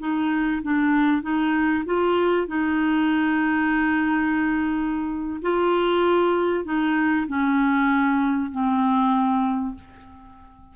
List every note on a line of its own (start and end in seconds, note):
0.00 0.62 D#4
0.63 1.23 D4
1.23 1.84 D#4
1.86 2.48 F4
2.48 5.42 D#4
5.42 6.65 F4
6.65 7.27 D#4
7.28 8.51 C#4
8.52 9.75 C4